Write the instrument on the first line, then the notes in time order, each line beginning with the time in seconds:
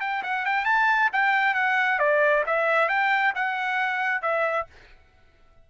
trumpet
0.00 G5
0.23 F#5
0.45 G5
0.65 A5
1.12 G5
1.54 F#5
1.99 D5
2.46 E5
2.89 G5
3.35 F#5
4.22 E5